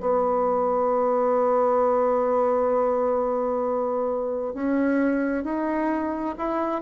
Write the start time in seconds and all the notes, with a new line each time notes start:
0.00 B3
4.54 C#4
5.44 D#4
6.38 E4